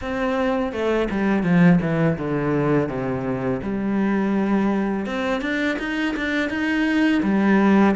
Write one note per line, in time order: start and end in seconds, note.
0.01 0.72 C4
0.72 1.08 A3
1.10 1.43 G3
1.43 1.79 F3
1.81 2.17 E3
2.18 2.88 D3
2.88 3.60 C3
3.62 5.05 G3
5.05 5.41 C4
5.41 5.77 D4
5.78 6.14 D#4
6.16 6.49 D4
6.49 7.22 D#4
7.23 7.95 G3